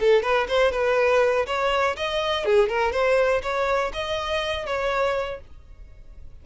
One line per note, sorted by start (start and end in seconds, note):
0.00 0.22 A4
0.22 0.47 B4
0.48 0.72 C5
0.72 1.46 B4
1.47 1.96 C#5
1.96 2.45 D#5
2.45 2.69 G#4
2.69 2.92 A#4
2.92 3.42 C5
3.43 3.92 C#5
3.93 4.66 D#5
4.66 5.40 C#5